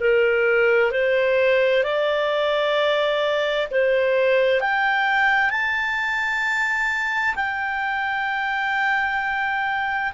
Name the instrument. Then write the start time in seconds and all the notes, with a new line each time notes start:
clarinet
0.00 A#4
0.91 C5
1.83 D5
3.71 C5
4.61 G5
5.50 A5
7.36 G5